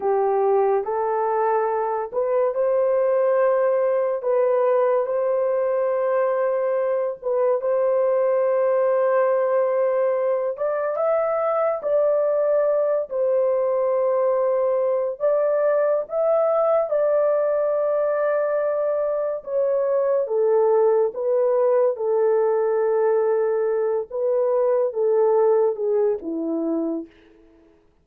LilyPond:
\new Staff \with { instrumentName = "horn" } { \time 4/4 \tempo 4 = 71 g'4 a'4. b'8 c''4~ | c''4 b'4 c''2~ | c''8 b'8 c''2.~ | c''8 d''8 e''4 d''4. c''8~ |
c''2 d''4 e''4 | d''2. cis''4 | a'4 b'4 a'2~ | a'8 b'4 a'4 gis'8 e'4 | }